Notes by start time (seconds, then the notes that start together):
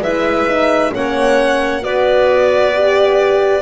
0.00 G#3 E4 B4 E5
0.48 D#4
0.91 A#3 C#4 C#5 F#5
1.82 B3 F#4 B4 D5
2.75 G4